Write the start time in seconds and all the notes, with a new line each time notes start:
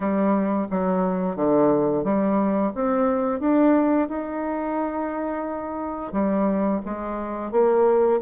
0.00 G3
0.70 F#3
1.36 D3
2.04 G3
2.74 C4
3.40 D4
4.08 D#4
6.12 G3
6.85 G#3
7.51 A#3